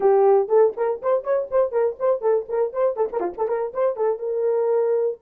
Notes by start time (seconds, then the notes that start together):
0.00 G4
0.48 A4
0.77 A#4
1.02 C5
1.23 C#5
1.51 C5
1.71 A#4
1.99 C5
2.21 A4
2.49 A#4
2.73 C5
2.96 A4
3.12 A#4
3.20 F4
3.37 A4
3.48 A#4
3.73 C5
3.96 A4
4.19 A#4